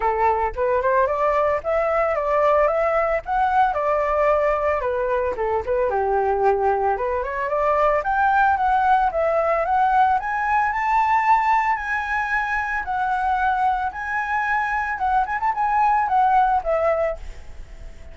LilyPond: \new Staff \with { instrumentName = "flute" } { \time 4/4 \tempo 4 = 112 a'4 b'8 c''8 d''4 e''4 | d''4 e''4 fis''4 d''4~ | d''4 b'4 a'8 b'8 g'4~ | g'4 b'8 cis''8 d''4 g''4 |
fis''4 e''4 fis''4 gis''4 | a''2 gis''2 | fis''2 gis''2 | fis''8 gis''16 a''16 gis''4 fis''4 e''4 | }